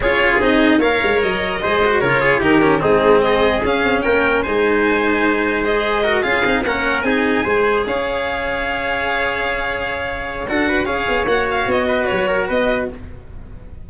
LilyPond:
<<
  \new Staff \with { instrumentName = "violin" } { \time 4/4 \tempo 4 = 149 cis''4 dis''4 f''4 dis''4~ | dis''4 cis''4 ais'4 gis'4 | dis''4 f''4 g''4 gis''4~ | gis''2 dis''4. f''8~ |
f''8 fis''4 gis''2 f''8~ | f''1~ | f''2 fis''4 f''4 | fis''8 f''8 dis''4 cis''4 dis''4 | }
  \new Staff \with { instrumentName = "trumpet" } { \time 4/4 gis'2 cis''2 | c''4 ais'8 gis'8 g'4 dis'4 | gis'2 ais'4 c''4~ | c''2. ais'8 gis'8~ |
gis'8 ais'4 gis'4 c''4 cis''8~ | cis''1~ | cis''2 a'8 b'8 cis''4~ | cis''4. b'4 ais'8 b'4 | }
  \new Staff \with { instrumentName = "cello" } { \time 4/4 f'4 dis'4 ais'2 | gis'8 fis'8 f'4 dis'8 cis'8 c'4~ | c'4 cis'2 dis'4~ | dis'2 gis'4 fis'8 f'8 |
dis'8 cis'4 dis'4 gis'4.~ | gis'1~ | gis'2 fis'4 gis'4 | fis'1 | }
  \new Staff \with { instrumentName = "tuba" } { \time 4/4 cis'4 c'4 ais8 gis8 fis4 | gis4 cis4 dis4 gis4~ | gis4 cis'8 c'8 ais4 gis4~ | gis2.~ gis8 cis'8 |
c'8 ais4 c'4 gis4 cis'8~ | cis'1~ | cis'2 d'4 cis'8 b8 | ais4 b4 fis4 b4 | }
>>